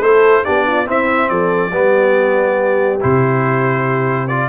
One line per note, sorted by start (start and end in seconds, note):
0.00 0.43 A3
0.00 0.45 E4
0.00 0.45 A4
0.00 0.45 C5
0.45 0.88 B3
0.45 0.86 D4
0.45 0.66 G4
0.45 0.87 D5
0.67 0.86 F4
0.86 1.71 C4
0.86 1.30 C4
0.86 1.29 E4
0.86 1.29 E5
1.29 1.71 F3
1.29 1.72 A4
1.29 2.99 D5
1.71 2.99 G3
1.71 3.00 B3
1.71 4.49 G4
3.01 4.49 C3
3.01 4.28 E4
3.01 4.27 C5
4.27 4.49 F4
4.27 4.49 D5